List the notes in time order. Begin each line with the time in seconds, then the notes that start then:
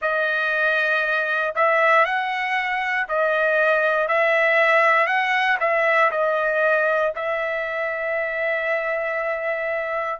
0.01 D#5
1.55 E5
2.05 F#5
3.08 D#5
4.08 E5
5.06 F#5
5.59 E5
6.11 D#5
7.15 E5